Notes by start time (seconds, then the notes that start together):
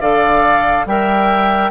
0.00 D3 A4 D5 F5
0.86 G3 A#4 E5 G5